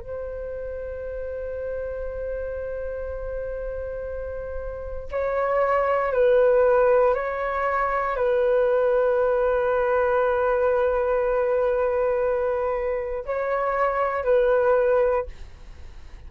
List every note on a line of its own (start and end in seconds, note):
0.00 5.08 C5
5.11 6.12 C#5
6.12 7.14 B4
7.14 8.16 C#5
8.16 13.24 B4
13.25 14.24 C#5
14.24 15.25 B4